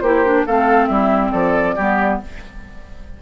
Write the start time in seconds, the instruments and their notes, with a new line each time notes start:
0.00 bassoon A#3, clarinet E4, oboe G4, flute C5
0.25 clarinet D4
0.46 bassoon A3, clarinet C4, oboe A4, flute F5
0.87 bassoon G3, oboe E4, flute E5
1.31 bassoon F3, oboe A4, flute D5
1.76 bassoon G3, clarinet B3, oboe G4